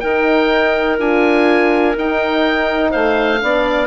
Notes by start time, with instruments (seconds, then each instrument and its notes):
0.00 bassoon D#4, horn D#4, clarinet A#4, oboe G5
0.99 bassoon D4, horn F4, oboe G#5
1.94 horn D#4, bassoon D#4, oboe G5
2.91 bassoon A3, clarinet C5, oboe F5
3.40 bassoon B3, horn D4, clarinet D5